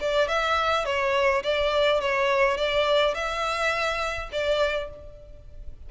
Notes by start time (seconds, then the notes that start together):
0.00 D5
0.28 E5
0.85 C#5
1.43 D5
2.01 C#5
2.57 D5
3.14 E5
4.32 D5